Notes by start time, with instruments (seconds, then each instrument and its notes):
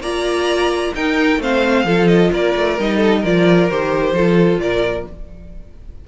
0.00 cello A#3, viola F4, violin D5 A#5
0.94 cello D#4, viola D#4, violin A#4 G5
1.38 cello A3, viola C4, violin C5 F5
1.84 cello F3, viola F4, violin A4
2.07 violin D#5
2.32 cello A#3, violin A#4 D5
2.56 cello A3
2.78 cello G3, viola D#4, violin D#5
2.96 violin A4
3.20 cello F3, viola F4, violin A#4 D5
3.69 cello D#3, viola G4, violin C5
4.12 cello F3, viola F4, violin A4
4.57 cello A#2, violin A#4 D5